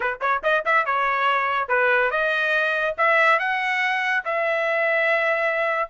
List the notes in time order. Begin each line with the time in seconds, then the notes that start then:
0.00 B4
0.21 C#5
0.43 D#5
0.65 E5
0.85 C#5
1.68 B4
2.10 D#5
2.97 E5
3.39 F#5
4.24 E5